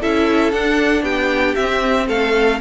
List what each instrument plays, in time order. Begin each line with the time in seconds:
0.00 cello C#4, viola E4, violin A4 E5
0.52 cello D4, viola D4, violin F#5
1.02 cello B3, violin G4 G5
1.55 viola C4, cello C4, violin E5
2.08 cello A3, violin A4 F5